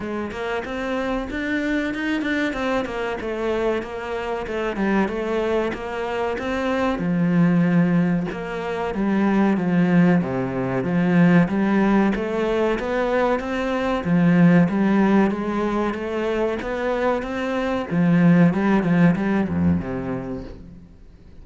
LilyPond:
\new Staff \with { instrumentName = "cello" } { \time 4/4 \tempo 4 = 94 gis8 ais8 c'4 d'4 dis'8 d'8 | c'8 ais8 a4 ais4 a8 g8 | a4 ais4 c'4 f4~ | f4 ais4 g4 f4 |
c4 f4 g4 a4 | b4 c'4 f4 g4 | gis4 a4 b4 c'4 | f4 g8 f8 g8 f,8 c4 | }